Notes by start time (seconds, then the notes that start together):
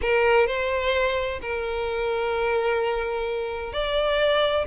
0.01 A#4
0.47 C5
1.41 A#4
3.72 D5